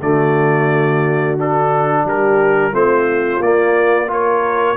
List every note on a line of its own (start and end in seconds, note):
0.00 2.04 D3
0.00 1.38 A3
0.00 2.05 F#4
0.00 1.38 D5
1.38 2.72 D4
1.38 2.08 A4
2.04 2.72 G3
2.04 2.71 G4
2.04 2.74 A#4
2.71 3.39 A3
2.71 3.40 C4
2.71 4.08 F4
2.71 3.42 C5
3.39 4.75 A#3
3.39 4.07 A#3
3.39 4.10 D5
4.07 4.76 F4
4.07 4.76 A#4
4.07 4.76 C#5